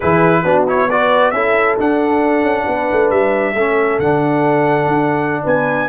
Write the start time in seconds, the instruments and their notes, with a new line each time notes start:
0.00 tuba E3, trombone E4, horn G#4, trumpet B4
0.43 tuba B3, trombone D4, horn F#4
0.67 trombone E4, trumpet C#5
0.90 trombone F#4, horn B4, trumpet D5
1.30 tuba C#4, trombone E4, horn A4, trumpet E5
1.77 trombone D4, tuba D4, trumpet F#5
2.42 tuba C#4
2.64 tuba B3, horn B4
2.91 tuba A3
3.10 tuba G3, trumpet E5
3.54 tuba A3, trombone C#4, horn A4
3.99 tuba D3, trombone D4, trumpet F#5
4.87 tuba D4
5.42 tuba B3, horn B4, trumpet G#5